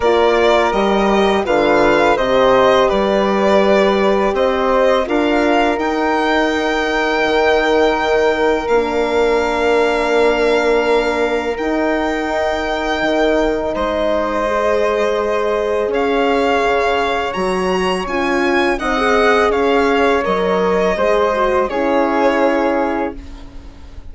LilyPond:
<<
  \new Staff \with { instrumentName = "violin" } { \time 4/4 \tempo 4 = 83 d''4 dis''4 f''4 dis''4 | d''2 dis''4 f''4 | g''1 | f''1 |
g''2. dis''4~ | dis''2 f''2 | ais''4 gis''4 fis''4 f''4 | dis''2 cis''2 | }
  \new Staff \with { instrumentName = "flute" } { \time 4/4 ais'2 b'4 c''4 | b'2 c''4 ais'4~ | ais'1~ | ais'1~ |
ais'2. c''4~ | c''2 cis''2~ | cis''2 dis''4 cis''4~ | cis''4 c''4 gis'2 | }
  \new Staff \with { instrumentName = "horn" } { \time 4/4 f'4 g'4 f'4 g'4~ | g'2. f'4 | dis'1 | d'1 |
dis'1 | gis'1 | fis'4 f'4 dis'16 gis'4.~ gis'16 | ais'4 gis'8 fis'8 e'2 | }
  \new Staff \with { instrumentName = "bassoon" } { \time 4/4 ais4 g4 d4 c4 | g2 c'4 d'4 | dis'2 dis2 | ais1 |
dis'2 dis4 gis4~ | gis2 cis'4 cis4 | fis4 cis'4 c'4 cis'4 | fis4 gis4 cis'2 | }
>>